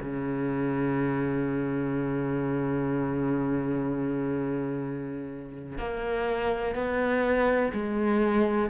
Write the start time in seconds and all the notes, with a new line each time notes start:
0.00 C#3
5.78 A#3
6.75 B3
7.73 G#3